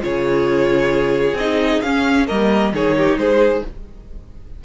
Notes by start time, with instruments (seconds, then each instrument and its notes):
0.00 cello C#3, viola F4, violin G#4 C#5
1.33 cello C4, violin D#5
1.39 viola D#4
1.81 cello C#4, viola C#4, violin F5
2.27 cello G3, viola A#3, violin A#4 D#5
2.72 cello D#3, viola D#4, violin G#4 C#5
2.97 violin G4
3.16 cello G#3, violin G#4 C5